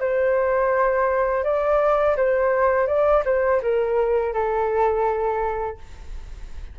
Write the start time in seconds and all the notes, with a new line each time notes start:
0.00 C5
1.44 D5
2.17 C5
2.88 D5
3.26 C5
3.62 A#4
4.34 A4